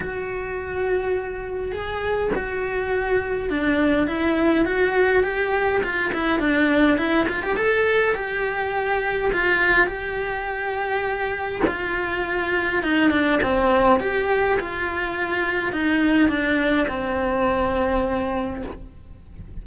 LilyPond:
\new Staff \with { instrumentName = "cello" } { \time 4/4 \tempo 4 = 103 fis'2. gis'4 | fis'2 d'4 e'4 | fis'4 g'4 f'8 e'8 d'4 | e'8 f'16 g'16 a'4 g'2 |
f'4 g'2. | f'2 dis'8 d'8 c'4 | g'4 f'2 dis'4 | d'4 c'2. | }